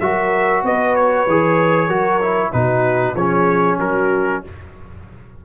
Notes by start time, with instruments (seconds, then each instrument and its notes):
0.00 tuba F#3, trombone F#4, horn A#4, trumpet E5
0.63 tuba B3, horn B4, trumpet D#5
0.96 trumpet C#5
1.27 tuba E3, trombone G#4
1.87 tuba F#3, trombone F#4, horn A#4
2.22 trombone E4
2.52 tuba B2, trombone D#4, horn F#4, trumpet B4
3.14 tuba F3, trombone C#4, horn G#4, trumpet C#5
3.80 tuba F#3, horn F#4, trumpet A#4